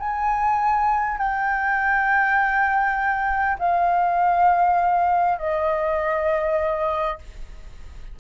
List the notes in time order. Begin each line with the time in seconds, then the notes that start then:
0.00 G#5
1.18 G5
3.59 F5
5.39 D#5